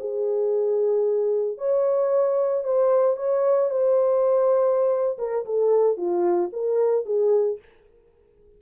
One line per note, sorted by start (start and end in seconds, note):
0.00 1.58 G#4
1.58 2.64 C#5
2.64 3.17 C5
3.17 3.70 C#5
3.70 5.18 C5
5.18 5.45 A#4
5.46 5.98 A4
5.98 6.51 F4
6.53 7.05 A#4
7.05 7.59 G#4